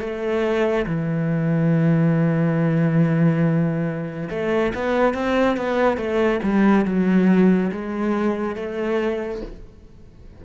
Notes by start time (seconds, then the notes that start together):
0.00 A3
0.86 E3
4.30 A3
4.75 B3
5.14 C4
5.57 B3
5.97 A3
6.43 G3
6.85 F#3
7.72 G#3
8.56 A3